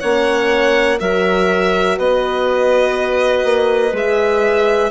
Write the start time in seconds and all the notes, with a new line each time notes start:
0.00 A#3 C#4 C#5 F#5
1.00 F#3 F#4 A#4 E5
1.98 B3 B4 D#5
3.44 A#3
3.93 G#3 G#4 E5